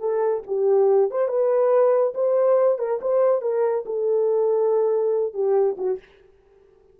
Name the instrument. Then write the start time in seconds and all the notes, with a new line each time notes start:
horn
0.00 A4
0.47 G4
1.11 C5
1.28 B4
2.15 C5
2.79 A#4
3.01 C5
3.42 A#4
3.85 A4
5.33 G4
5.78 F#4